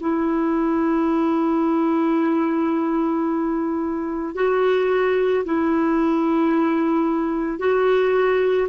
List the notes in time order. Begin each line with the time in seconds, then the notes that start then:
0.00 E4
4.35 F#4
5.45 E4
7.59 F#4